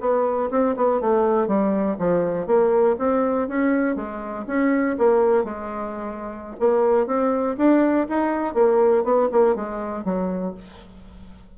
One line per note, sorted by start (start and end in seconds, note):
0.00 0.50 B3
0.50 0.75 C4
0.76 1.01 B3
1.01 1.47 A3
1.47 1.97 G3
1.98 2.47 F3
2.47 2.96 A#3
2.98 3.48 C4
3.48 3.96 C#4
3.96 4.45 G#3
4.47 4.97 C#4
4.98 5.44 A#3
5.44 6.56 G#3
6.60 7.06 A#3
7.06 7.56 C4
7.57 8.07 D4
8.09 8.54 D#4
8.54 9.03 A#3
9.04 9.28 B3
9.32 9.55 A#3
9.55 10.05 G#3
10.05 10.54 F#3